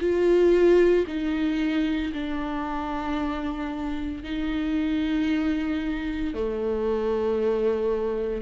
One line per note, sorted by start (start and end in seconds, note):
0.00 1.05 F4
1.07 2.12 D#4
2.13 4.23 D4
4.23 6.34 D#4
6.34 8.42 A3